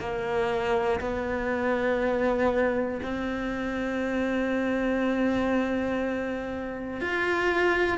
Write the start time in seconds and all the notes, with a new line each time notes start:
0.00 A#3
1.00 B3
3.02 C4
7.00 F4